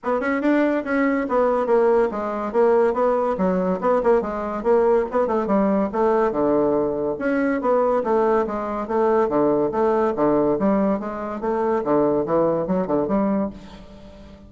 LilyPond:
\new Staff \with { instrumentName = "bassoon" } { \time 4/4 \tempo 4 = 142 b8 cis'8 d'4 cis'4 b4 | ais4 gis4 ais4 b4 | fis4 b8 ais8 gis4 ais4 | b8 a8 g4 a4 d4~ |
d4 cis'4 b4 a4 | gis4 a4 d4 a4 | d4 g4 gis4 a4 | d4 e4 fis8 d8 g4 | }